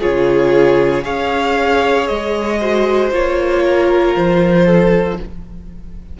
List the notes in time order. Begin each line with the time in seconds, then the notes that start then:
0.00 C#3 F4 G#4 C#5
1.02 C#4 G#4 C#5 F5
2.07 G#3 D#5
2.60 F#4 C5
3.12 A#3 F4 C#5
3.64 A#4
4.16 F3 C5
4.66 A4